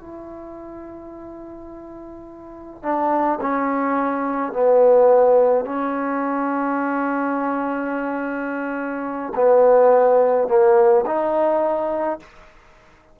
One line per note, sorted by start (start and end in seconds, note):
0.00 2.83 E4
2.83 3.40 D4
3.42 4.53 C#4
4.53 5.66 B3
5.66 9.33 C#4
9.36 10.49 B3
10.49 11.05 A#3
11.07 12.20 D#4